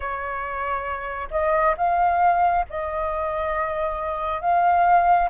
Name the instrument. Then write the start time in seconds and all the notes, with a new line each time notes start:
flute
0.00 C#5
1.30 D#5
1.77 F5
2.69 D#5
4.41 F5